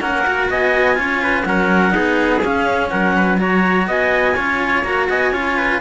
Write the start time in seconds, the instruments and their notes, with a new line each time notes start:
0.00 cello A#3 C#4, trumpet A#4, clarinet F#5
0.26 cello F#4
0.50 cello B3, trumpet D#5, clarinet G#5
0.95 cello C#4 F4, trumpet C#5
1.22 trumpet B4
1.44 cello F#3 C#4, trumpet A#4, clarinet F#5
1.90 cello B3 D#4, trumpet G#4
2.42 cello C#4, clarinet F5
2.89 cello F#3, trumpet A#4, clarinet F#5
3.16 trumpet B4
3.37 cello F#4, trumpet C#5, clarinet A#5
3.87 cello B3, trumpet D#5, clarinet G#5
4.35 cello C#4 F4, trumpet C#5
4.83 cello A#3 F#4, clarinet A#5
5.09 cello B3, trumpet D#5, clarinet G#5
5.31 cello C#4 F4, trumpet C#5
5.56 trumpet B4